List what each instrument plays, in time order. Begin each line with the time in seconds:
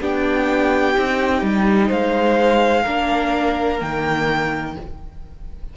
0.00 cello B3, viola D4, violin G4 G5
0.94 cello C4, viola D#4
1.41 cello G3
1.87 cello G#3, violin C5 F5
2.82 cello A#3, viola D4, violin A#4
3.79 cello D#3, viola A#3, violin G5